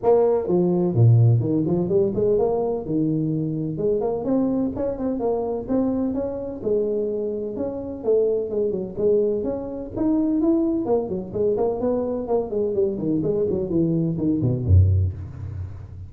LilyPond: \new Staff \with { instrumentName = "tuba" } { \time 4/4 \tempo 4 = 127 ais4 f4 ais,4 dis8 f8 | g8 gis8 ais4 dis2 | gis8 ais8 c'4 cis'8 c'8 ais4 | c'4 cis'4 gis2 |
cis'4 a4 gis8 fis8 gis4 | cis'4 dis'4 e'4 ais8 fis8 | gis8 ais8 b4 ais8 gis8 g8 dis8 | gis8 fis8 e4 dis8 b,8 fis,4 | }